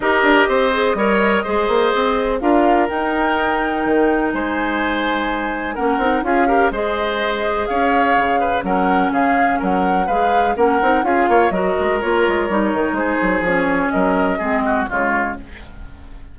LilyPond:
<<
  \new Staff \with { instrumentName = "flute" } { \time 4/4 \tempo 4 = 125 dis''1~ | dis''4 f''4 g''2~ | g''4 gis''2. | fis''4 f''4 dis''2 |
f''2 fis''4 f''4 | fis''4 f''4 fis''4 f''4 | dis''4 cis''2 c''4 | cis''4 dis''2 cis''4 | }
  \new Staff \with { instrumentName = "oboe" } { \time 4/4 ais'4 c''4 cis''4 c''4~ | c''4 ais'2.~ | ais'4 c''2. | ais'4 gis'8 ais'8 c''2 |
cis''4. b'8 ais'4 gis'4 | ais'4 b'4 ais'4 gis'8 cis''8 | ais'2. gis'4~ | gis'4 ais'4 gis'8 fis'8 f'4 | }
  \new Staff \with { instrumentName = "clarinet" } { \time 4/4 g'4. gis'8 ais'4 gis'4~ | gis'4 f'4 dis'2~ | dis'1 | cis'8 dis'8 f'8 g'8 gis'2~ |
gis'2 cis'2~ | cis'4 gis'4 cis'8 dis'8 f'4 | fis'4 f'4 dis'2 | cis'2 c'4 gis4 | }
  \new Staff \with { instrumentName = "bassoon" } { \time 4/4 dis'8 d'8 c'4 g4 gis8 ais8 | c'4 d'4 dis'2 | dis4 gis2. | ais8 c'8 cis'4 gis2 |
cis'4 cis4 fis4 cis4 | fis4 gis4 ais8 c'8 cis'8 ais8 | fis8 gis8 ais8 gis8 g8 dis8 gis8 fis8 | f4 fis4 gis4 cis4 | }
>>